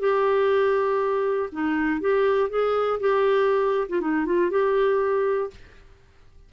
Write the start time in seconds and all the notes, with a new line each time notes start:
0.00 G4
1.52 D#4
2.01 G4
2.50 G#4
3.00 G4
3.89 F4
4.01 D#4
4.26 F4
4.51 G4